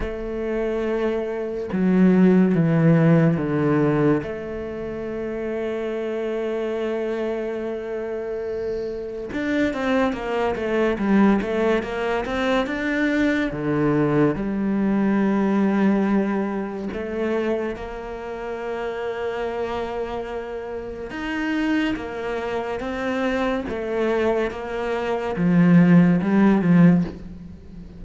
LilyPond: \new Staff \with { instrumentName = "cello" } { \time 4/4 \tempo 4 = 71 a2 fis4 e4 | d4 a2.~ | a2. d'8 c'8 | ais8 a8 g8 a8 ais8 c'8 d'4 |
d4 g2. | a4 ais2.~ | ais4 dis'4 ais4 c'4 | a4 ais4 f4 g8 f8 | }